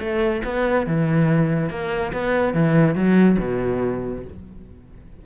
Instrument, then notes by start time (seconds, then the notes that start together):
cello
0.00 A3
0.44 B3
0.87 E3
1.70 A#3
2.13 B3
2.54 E3
2.95 F#3
3.39 B2